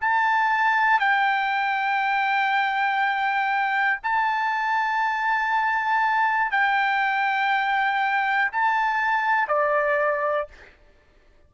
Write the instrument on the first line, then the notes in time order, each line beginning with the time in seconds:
trumpet
0.00 A5
0.99 G5
4.03 A5
6.51 G5
8.52 A5
9.48 D5